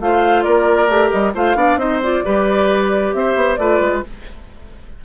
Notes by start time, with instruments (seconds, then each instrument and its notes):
0.00 bassoon A3, clarinet F4, oboe C5, flute F5
0.42 bassoon A#3, oboe A#4, flute D5
0.88 bassoon A3, clarinet G4
1.10 bassoon G3, flute D#5
1.34 bassoon A3, clarinet F4, oboe C5, flute F5
1.55 bassoon B3, clarinet D4, oboe D5
1.76 bassoon C4, clarinet D#4, oboe C5, flute D#5
2.03 clarinet F4, flute D5
2.24 bassoon G3, clarinet G4, oboe B4
3.13 bassoon C4, oboe C5, flute E5
3.35 bassoon B3
3.56 bassoon A3, clarinet F4, oboe B4, flute D5
3.80 bassoon G#3